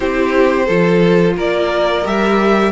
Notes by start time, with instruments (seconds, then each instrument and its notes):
0.00 cello C4, viola E4, violin G4 C5
0.65 cello F3, viola F4, violin A4
1.36 cello A#3, violin A#4 D5
2.03 cello G3, viola G4, violin E5